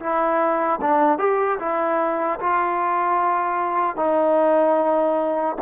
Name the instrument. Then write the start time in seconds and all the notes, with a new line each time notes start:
trombone
0.00 E4
0.81 D4
1.19 G4
1.60 E4
2.40 F4
3.96 D#4